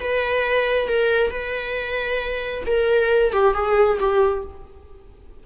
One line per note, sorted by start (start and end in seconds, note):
0.00 0.88 B4
0.88 1.31 A#4
1.31 2.64 B4
2.67 3.33 A#4
3.33 3.54 G4
3.54 3.98 G#4
3.99 4.44 G4